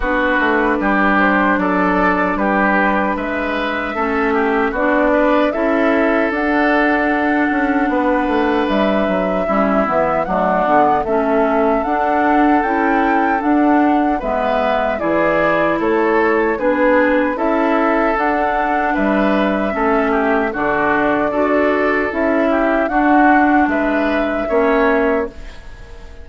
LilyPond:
<<
  \new Staff \with { instrumentName = "flute" } { \time 4/4 \tempo 4 = 76 b'4. c''8 d''4 b'4 | e''2 d''4 e''4 | fis''2. e''4~ | e''4 fis''4 e''4 fis''4 |
g''4 fis''4 e''4 d''4 | cis''4 b'4 e''4 fis''4 | e''2 d''2 | e''4 fis''4 e''2 | }
  \new Staff \with { instrumentName = "oboe" } { \time 4/4 fis'4 g'4 a'4 g'4 | b'4 a'8 g'8 fis'8 b'8 a'4~ | a'2 b'2 | e'4 d'4 a'2~ |
a'2 b'4 gis'4 | a'4 gis'4 a'2 | b'4 a'8 g'8 fis'4 a'4~ | a'8 g'8 fis'4 b'4 cis''4 | }
  \new Staff \with { instrumentName = "clarinet" } { \time 4/4 d'1~ | d'4 cis'4 d'4 e'4 | d'1 | cis'8 b8 a8 b8 cis'4 d'4 |
e'4 d'4 b4 e'4~ | e'4 d'4 e'4 d'4~ | d'4 cis'4 d'4 fis'4 | e'4 d'2 cis'4 | }
  \new Staff \with { instrumentName = "bassoon" } { \time 4/4 b8 a8 g4 fis4 g4 | gis4 a4 b4 cis'4 | d'4. cis'8 b8 a8 g8 fis8 | g8 e8 fis8 d8 a4 d'4 |
cis'4 d'4 gis4 e4 | a4 b4 cis'4 d'4 | g4 a4 d4 d'4 | cis'4 d'4 gis4 ais4 | }
>>